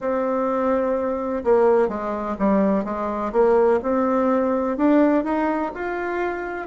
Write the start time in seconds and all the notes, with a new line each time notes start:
0.00 C4
1.44 A#3
1.88 G#3
2.38 G3
2.84 G#3
3.32 A#3
3.82 C4
4.77 D4
5.23 D#4
5.74 F4